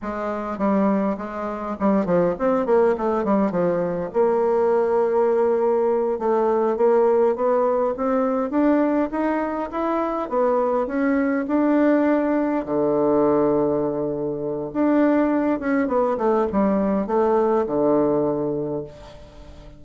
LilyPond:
\new Staff \with { instrumentName = "bassoon" } { \time 4/4 \tempo 4 = 102 gis4 g4 gis4 g8 f8 | c'8 ais8 a8 g8 f4 ais4~ | ais2~ ais8 a4 ais8~ | ais8 b4 c'4 d'4 dis'8~ |
dis'8 e'4 b4 cis'4 d'8~ | d'4. d2~ d8~ | d4 d'4. cis'8 b8 a8 | g4 a4 d2 | }